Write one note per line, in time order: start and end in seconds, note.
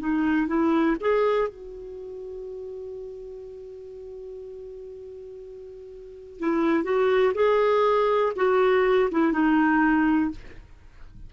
0.00 0.47 D#4
0.47 0.97 E4
1.01 1.49 G#4
1.49 6.40 F#4
6.40 6.84 E4
6.84 7.33 F#4
7.35 8.33 G#4
8.36 9.10 F#4
9.12 9.33 E4
9.33 10.31 D#4